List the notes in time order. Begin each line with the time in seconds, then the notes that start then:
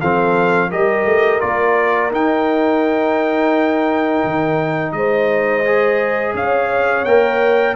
0.00 F3 C4 A4 F5
0.69 G3 G4 A#4 D#5
1.05 A3
1.40 A#3 F4 D5
2.11 D#4 G5
4.24 D#3
4.92 G#3 C5 D#5
5.65 G#4
6.33 C#4 C#5 F5
7.04 A#3 A#4 G5